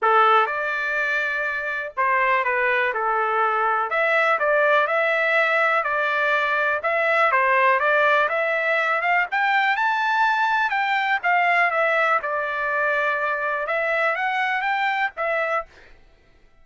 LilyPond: \new Staff \with { instrumentName = "trumpet" } { \time 4/4 \tempo 4 = 123 a'4 d''2. | c''4 b'4 a'2 | e''4 d''4 e''2 | d''2 e''4 c''4 |
d''4 e''4. f''8 g''4 | a''2 g''4 f''4 | e''4 d''2. | e''4 fis''4 g''4 e''4 | }